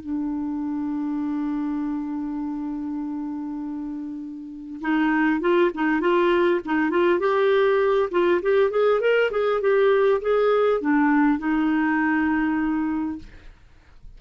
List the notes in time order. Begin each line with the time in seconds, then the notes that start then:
0.00 D4
4.81 D#4
5.41 F4
5.74 D#4
6.01 F4
6.65 D#4
6.90 F4
7.19 G4
8.11 F4
8.42 G4
8.71 G#4
9.01 A#4
9.31 G#4
9.61 G4
10.21 G#4
10.81 D4
11.39 D#4